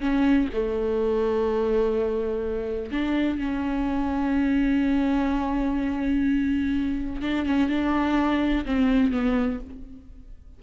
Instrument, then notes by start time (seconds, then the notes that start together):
viola
0.00 C#4
0.53 A3
2.91 D4
3.39 C#4
7.22 D4
7.46 C#4
7.69 D4
8.65 C4
9.12 B3